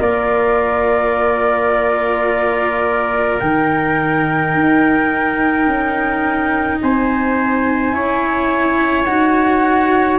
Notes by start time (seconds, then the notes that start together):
0.00 A#3 F4 A#4 D5
3.40 D#3 D#4 G5
4.55 D#4
5.67 C#4
6.83 C4 C5 G#5
7.93 C#4 E4 C#5
9.05 D#4 F#4 F#5